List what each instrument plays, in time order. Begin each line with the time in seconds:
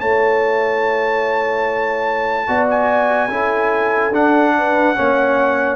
0.00 tuba A3, trombone E4, horn C#5, trumpet A5
2.47 tuba B3, trombone F#4, horn D5
2.70 trumpet G#5
3.28 tuba C#4, trombone E4, horn A4
4.10 tuba D4, trombone D4, trumpet F#5
4.58 horn B4
4.95 tuba A#3, trombone C#4, horn C#5